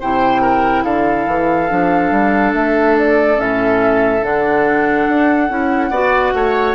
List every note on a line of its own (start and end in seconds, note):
0.00 0.84 C3
0.00 1.69 E4
0.00 0.41 C5
0.00 0.84 G5
0.41 0.84 A#4
0.84 1.26 D3
0.84 5.90 A4
0.84 2.53 F5
1.26 1.69 E3
1.69 2.11 F3
1.69 3.35 D4
2.11 2.53 G3
2.53 3.38 A3
2.53 2.96 E5
2.98 3.40 D5
3.35 4.22 A2
3.35 4.20 C#4
3.35 4.24 E5
4.21 5.07 D3
4.21 5.48 D4
4.21 6.75 F#5
5.08 5.49 D4
5.49 5.90 C#4
5.49 5.91 E4
5.90 6.32 B3
5.90 6.75 F#4
5.90 6.32 D5
6.33 6.75 A3
6.33 6.75 C#5